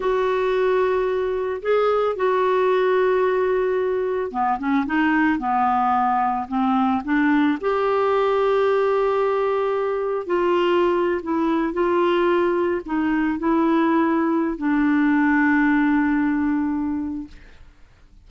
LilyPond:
\new Staff \with { instrumentName = "clarinet" } { \time 4/4 \tempo 4 = 111 fis'2. gis'4 | fis'1 | b8 cis'8 dis'4 b2 | c'4 d'4 g'2~ |
g'2. f'4~ | f'8. e'4 f'2 dis'16~ | dis'8. e'2~ e'16 d'4~ | d'1 | }